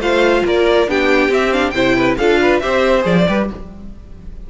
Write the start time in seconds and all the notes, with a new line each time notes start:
0.00 A3 F4 C5 F5
0.46 A#3 A#4 D5
0.88 B3 D4 G4 G5
1.29 C4 E5
1.53 D4 F5
1.71 C3 E4 C5 G5
1.97 B4
2.18 D4 F4 A4 F5
2.41 B4
2.60 C4 G4 C5 E5
3.02 F3 G#4 D5
3.28 G3 G4 B4